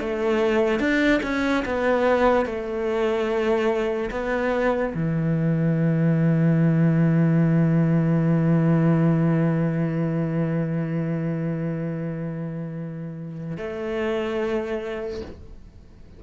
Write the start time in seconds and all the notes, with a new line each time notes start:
0.00 A3
0.80 D4
1.23 C#4
1.65 B3
2.45 A3
4.11 B3
4.94 E3
13.57 A3